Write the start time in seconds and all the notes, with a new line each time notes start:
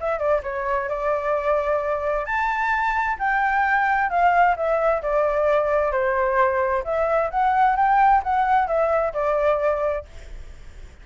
0.00 E5
0.18 D5
0.43 C#5
0.88 D5
2.25 A5
3.19 G5
4.09 F5
4.56 E5
5.02 D5
5.91 C5
6.84 E5
7.30 F#5
7.76 G5
8.23 F#5
8.67 E5
9.13 D5